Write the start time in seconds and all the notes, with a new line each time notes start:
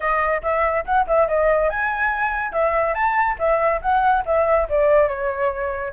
0.00 D#5
0.42 E5
0.85 F#5
1.07 E5
1.28 D#5
1.69 G#5
2.52 E5
2.94 A5
3.38 E5
3.81 F#5
4.25 E5
4.69 D5
5.08 C#5